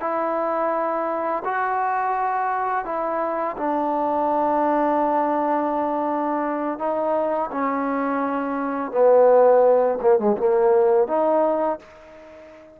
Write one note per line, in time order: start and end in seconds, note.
0.00 1.43 E4
1.44 2.85 F#4
2.85 3.56 E4
3.57 6.78 D4
6.79 7.50 D#4
7.51 8.91 C#4
8.91 9.98 B3
10.01 10.19 A#3
10.19 10.36 G#3
10.37 11.07 A#3
11.07 11.79 D#4